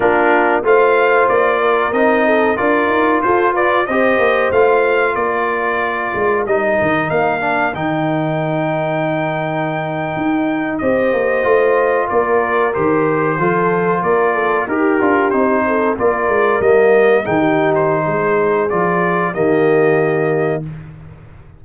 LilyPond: <<
  \new Staff \with { instrumentName = "trumpet" } { \time 4/4 \tempo 4 = 93 ais'4 f''4 d''4 dis''4 | d''4 c''8 d''8 dis''4 f''4 | d''2 dis''4 f''4 | g''1~ |
g''8. dis''2 d''4 c''16~ | c''4.~ c''16 d''4 ais'4 c''16~ | c''8. d''4 dis''4 g''8. c''8~ | c''4 d''4 dis''2 | }
  \new Staff \with { instrumentName = "horn" } { \time 4/4 f'4 c''4. ais'4 a'8 | ais'4 a'8 b'8 c''2 | ais'1~ | ais'1~ |
ais'8. c''2 ais'4~ ais'16~ | ais'8. a'4 ais'8 a'8 g'4~ g'16~ | g'16 a'8 ais'2 gis'16 g'4 | gis'2 g'2 | }
  \new Staff \with { instrumentName = "trombone" } { \time 4/4 d'4 f'2 dis'4 | f'2 g'4 f'4~ | f'2 dis'4. d'8 | dis'1~ |
dis'8. g'4 f'2 g'16~ | g'8. f'2 g'8 f'8 dis'16~ | dis'8. f'4 ais4 dis'4~ dis'16~ | dis'4 f'4 ais2 | }
  \new Staff \with { instrumentName = "tuba" } { \time 4/4 ais4 a4 ais4 c'4 | d'8 dis'8 f'4 c'8 ais8 a4 | ais4. gis8 g8 dis8 ais4 | dis2.~ dis8. dis'16~ |
dis'8. c'8 ais8 a4 ais4 dis16~ | dis8. f4 ais4 dis'8 d'8 c'16~ | c'8. ais8 gis8 g4 dis4~ dis16 | gis4 f4 dis2 | }
>>